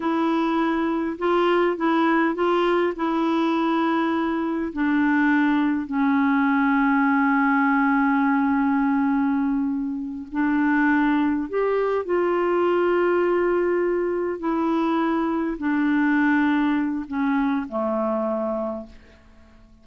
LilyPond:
\new Staff \with { instrumentName = "clarinet" } { \time 4/4 \tempo 4 = 102 e'2 f'4 e'4 | f'4 e'2. | d'2 cis'2~ | cis'1~ |
cis'4. d'2 g'8~ | g'8 f'2.~ f'8~ | f'8 e'2 d'4.~ | d'4 cis'4 a2 | }